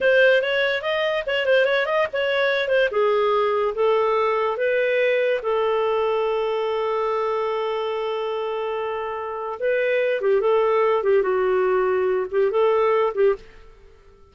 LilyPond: \new Staff \with { instrumentName = "clarinet" } { \time 4/4 \tempo 4 = 144 c''4 cis''4 dis''4 cis''8 c''8 | cis''8 dis''8 cis''4. c''8 gis'4~ | gis'4 a'2 b'4~ | b'4 a'2.~ |
a'1~ | a'2. b'4~ | b'8 g'8 a'4. g'8 fis'4~ | fis'4. g'8 a'4. g'8 | }